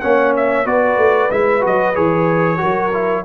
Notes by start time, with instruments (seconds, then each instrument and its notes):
0.00 tuba A#3, trombone C#4, horn C#5, trumpet F#5
0.36 trumpet E5
0.65 tuba B3, trombone F#4, horn B4, trumpet D5
0.97 tuba A3
1.31 tuba G#3, trombone E4, trumpet E5
1.60 tuba F#3, trombone F#4, trumpet D#5
1.94 tuba E3, trombone G#4, trumpet C#5
2.57 tuba F#3, trombone F#4, horn A#4
2.93 trombone E4